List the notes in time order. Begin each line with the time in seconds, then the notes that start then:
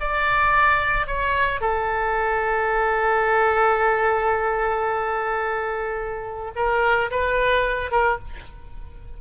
0.00 D5
1.07 C#5
1.60 A4
6.56 A#4
7.11 B4
7.91 A#4